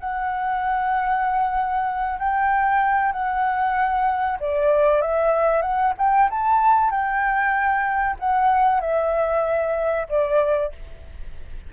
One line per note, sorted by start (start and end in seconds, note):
0.00 2.19 F#5
2.19 3.12 G5
3.12 4.39 F#5
4.40 5.02 D5
5.02 5.62 E5
5.62 5.94 F#5
5.98 6.30 G5
6.31 6.91 A5
6.91 8.17 G5
8.20 8.81 F#5
8.81 10.07 E5
10.09 10.73 D5